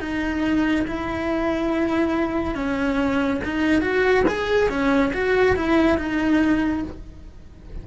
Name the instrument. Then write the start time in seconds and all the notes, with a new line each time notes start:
cello
0.00 D#4
0.87 E4
2.55 C#4
3.44 D#4
3.81 F#4
4.28 G#4
4.69 C#4
5.13 F#4
5.56 E4
5.98 D#4